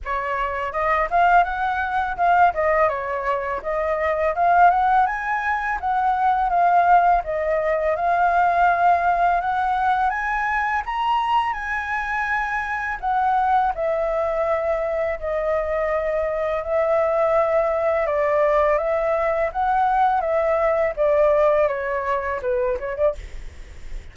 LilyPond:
\new Staff \with { instrumentName = "flute" } { \time 4/4 \tempo 4 = 83 cis''4 dis''8 f''8 fis''4 f''8 dis''8 | cis''4 dis''4 f''8 fis''8 gis''4 | fis''4 f''4 dis''4 f''4~ | f''4 fis''4 gis''4 ais''4 |
gis''2 fis''4 e''4~ | e''4 dis''2 e''4~ | e''4 d''4 e''4 fis''4 | e''4 d''4 cis''4 b'8 cis''16 d''16 | }